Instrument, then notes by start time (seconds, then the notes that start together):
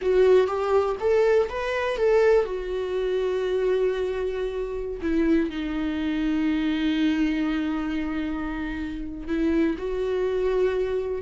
viola
0.01 F#4
0.47 G4
1.00 A4
1.49 B4
1.96 A4
2.44 F#4
5.01 E4
5.49 D#4
9.27 E4
9.77 F#4